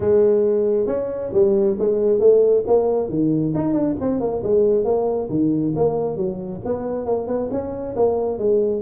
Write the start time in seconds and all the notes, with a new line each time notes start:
0.00 G#3
0.87 C#4
1.32 G3
1.79 G#3
2.19 A3
2.66 A#3
3.09 D#3
3.55 D#4
3.73 D4
4.00 C4
4.20 A#3
4.43 G#3
4.84 A#3
5.29 D#3
5.75 A#3
6.16 F#3
6.64 B3
7.05 A#3
7.27 B3
7.51 C#4
7.96 A#3
8.38 G#3